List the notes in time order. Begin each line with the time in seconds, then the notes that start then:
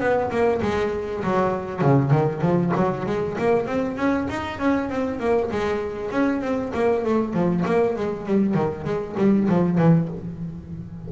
0.00 B3
0.31 A#3
0.62 G#3
1.24 F#3
1.82 C#3
2.11 D#3
2.42 F3
2.76 F#3
3.06 G#3
3.39 A#3
3.67 C4
3.97 C#4
4.30 D#4
4.59 C#4
4.90 C4
5.20 A#3
5.52 G#3
6.11 C#4
6.42 C4
6.74 A#3
7.05 A3
7.34 F3
7.66 A#3
7.96 G#3
8.26 G3
8.55 D#3
8.85 G#3
9.18 G3
9.49 F3
9.78 E3